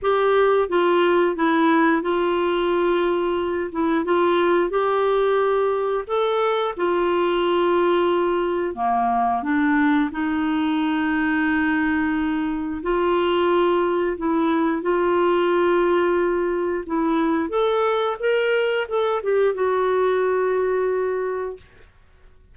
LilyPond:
\new Staff \with { instrumentName = "clarinet" } { \time 4/4 \tempo 4 = 89 g'4 f'4 e'4 f'4~ | f'4. e'8 f'4 g'4~ | g'4 a'4 f'2~ | f'4 ais4 d'4 dis'4~ |
dis'2. f'4~ | f'4 e'4 f'2~ | f'4 e'4 a'4 ais'4 | a'8 g'8 fis'2. | }